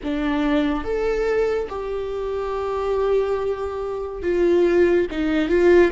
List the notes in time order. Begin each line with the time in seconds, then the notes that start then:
0.03 D4
0.83 A4
1.69 G4
4.22 F4
5.10 D#4
5.49 F4